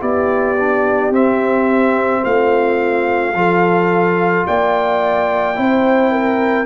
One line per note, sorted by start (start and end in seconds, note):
0.00 1.10 B3
0.00 0.56 E4
0.00 2.22 G4
0.00 1.13 D5
0.59 1.12 D4
1.10 2.21 C4
1.10 3.34 C4
1.10 2.24 E5
2.24 3.34 A3
2.24 3.36 F4
2.24 4.47 F5
3.34 4.46 F3
3.34 5.55 F4
3.34 4.47 A4
4.47 5.58 A#3
4.47 5.57 D5
4.47 6.66 G5
5.55 6.66 C4
5.55 6.66 E4
5.55 6.12 C5
6.12 6.66 A#4